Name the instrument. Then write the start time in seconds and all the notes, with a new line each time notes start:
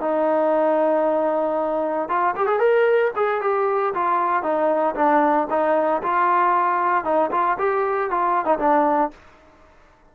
trombone
0.00 D#4
2.08 F4
2.36 G4
2.46 G#4
2.59 A#4
3.15 G#4
3.41 G4
3.94 F4
4.42 D#4
4.95 D4
5.49 D#4
6.02 F4
7.04 D#4
7.31 F4
7.58 G4
8.10 F4
8.45 D#4
8.58 D4